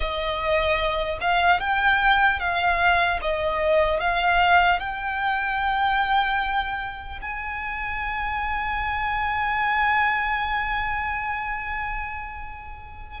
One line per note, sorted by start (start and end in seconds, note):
0.00 1.18 D#5
1.20 1.60 F5
1.60 2.39 G5
2.39 3.19 F5
3.21 4.00 D#5
4.00 4.79 F5
4.79 7.19 G5
7.21 13.20 G#5